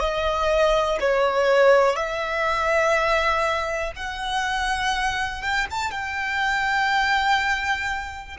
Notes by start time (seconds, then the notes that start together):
0.00 D#5
1.00 C#5
1.96 E5
3.96 F#5
5.42 G5
5.71 A5
5.91 G5